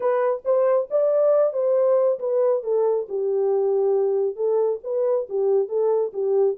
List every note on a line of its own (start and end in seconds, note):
0.00 0.42 B4
0.44 0.88 C5
0.90 1.53 D5
1.53 2.18 C5
2.19 2.63 B4
2.63 3.07 A4
3.08 4.36 G4
4.36 4.79 A4
4.83 5.27 B4
5.29 5.68 G4
5.68 6.12 A4
6.13 6.57 G4